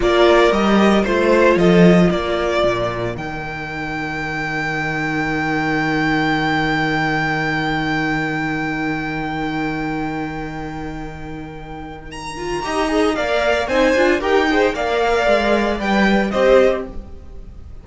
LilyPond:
<<
  \new Staff \with { instrumentName = "violin" } { \time 4/4 \tempo 4 = 114 d''4 dis''4 c''4 dis''4 | d''2 g''2~ | g''1~ | g''1~ |
g''1~ | g''2. ais''4~ | ais''4 f''4 gis''4 g''4 | f''2 g''4 dis''4 | }
  \new Staff \with { instrumentName = "violin" } { \time 4/4 ais'2 c''4 a'4 | ais'1~ | ais'1~ | ais'1~ |
ais'1~ | ais'1 | dis''4 d''4 c''4 ais'8 c''8 | d''2. c''4 | }
  \new Staff \with { instrumentName = "viola" } { \time 4/4 f'4 g'4 f'2~ | f'2 dis'2~ | dis'1~ | dis'1~ |
dis'1~ | dis'2.~ dis'8 f'8 | g'8 gis'8 ais'4 dis'8 f'8 g'8 gis'8 | ais'2 b'4 g'4 | }
  \new Staff \with { instrumentName = "cello" } { \time 4/4 ais4 g4 a4 f4 | ais4 ais,4 dis2~ | dis1~ | dis1~ |
dis1~ | dis1 | dis'4 ais4 c'8 d'8 dis'4 | ais4 gis4 g4 c'4 | }
>>